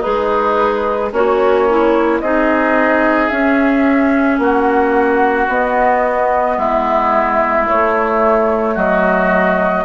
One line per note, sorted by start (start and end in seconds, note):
0.00 1.12 G#3
0.00 1.09 D#4
0.00 1.11 G#4
0.00 1.11 B4
1.12 2.21 A#3
1.12 2.21 C#4
1.12 1.69 F#4
1.12 2.20 C#5
1.69 2.24 E4
2.20 3.30 C4
2.20 3.30 D#4
2.20 4.40 G#4
2.20 3.28 D#5
3.28 5.49 C#4
3.28 4.38 C#4
3.28 4.37 E5
4.38 5.47 A#3
4.38 6.57 F#4
4.38 5.48 F#5
5.48 6.57 B3
5.48 7.67 B3
5.48 6.58 D#5
6.57 7.67 G#3
6.57 8.74 E4
6.57 7.67 E5
7.67 9.85 A3
7.67 8.76 A3
7.67 8.77 C#5
8.74 9.85 F#3
8.74 9.83 F#4
8.74 9.85 D#5